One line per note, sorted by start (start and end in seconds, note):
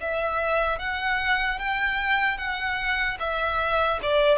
0.00 0.79 E5
0.79 1.59 F#5
1.59 2.37 G5
2.37 3.17 F#5
3.20 4.00 E5
4.02 4.38 D5